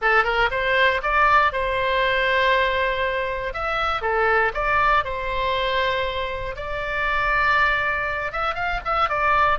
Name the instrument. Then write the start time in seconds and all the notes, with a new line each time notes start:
oboe
0.01 A4
0.23 A#4
0.50 C5
1.02 D5
1.52 C5
3.53 E5
4.01 A4
4.54 D5
5.04 C5
6.55 D5
8.31 E5
8.54 F5
8.85 E5
9.09 D5